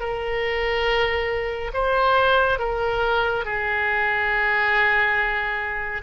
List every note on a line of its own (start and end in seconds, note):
0.00 1.71 A#4
1.74 2.59 C5
2.59 3.45 A#4
3.45 6.02 G#4